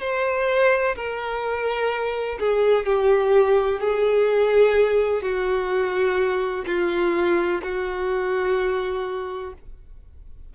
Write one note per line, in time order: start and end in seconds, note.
0.00 0.95 C5
0.96 2.39 A#4
2.39 2.86 G#4
2.86 3.80 G4
3.80 5.22 G#4
5.22 6.65 F#4
6.66 7.61 F4
7.62 9.53 F#4